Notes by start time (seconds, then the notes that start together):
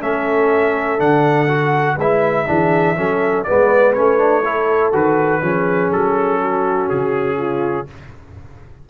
0.00 A3 C#4 A4 E5
0.99 D3 D4 F#5
1.48 F#4
1.96 G#3 E4 B4 E5
2.47 E3 D4 G#4
2.97 F#3 C#4 A4
3.44 G#3 B3 D5
3.50 B4
3.94 A3 C#4 C#5
4.18 D4
4.43 E4 A4
4.92 D#3 F#4 B4
5.42 F3 C#4 G#4
5.92 F#3 A4
6.42 F#4
6.89 C#3 G#4
7.37 F4